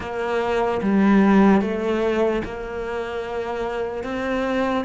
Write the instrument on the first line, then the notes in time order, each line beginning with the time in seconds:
cello
0.00 A#3
0.82 G3
1.61 A3
2.44 A#3
4.03 C4